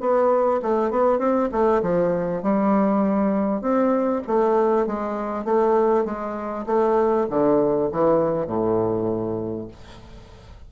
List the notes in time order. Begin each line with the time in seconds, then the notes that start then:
0.00 B3
0.62 A3
0.91 B3
1.19 C4
1.52 A3
1.82 F3
2.43 G3
3.61 C4
4.27 A3
4.87 G#3
5.45 A3
6.05 G#3
6.66 A3
7.30 D3
7.92 E3
8.47 A2